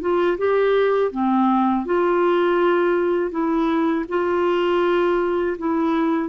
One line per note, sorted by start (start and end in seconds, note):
0.00 0.37 F4
0.37 1.11 G4
1.11 1.85 C4
1.85 3.30 F4
3.30 4.04 E4
4.08 5.56 F4
5.58 6.29 E4